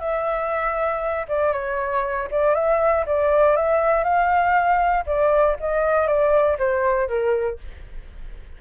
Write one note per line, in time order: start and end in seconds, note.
0.00 1.26 E5
1.28 1.53 D5
1.53 2.28 C#5
2.31 2.55 D5
2.55 3.05 E5
3.06 3.56 D5
3.56 4.04 E5
4.04 5.05 F5
5.06 5.57 D5
5.60 6.07 D#5
6.07 6.58 D5
6.58 7.08 C5
7.08 7.59 A#4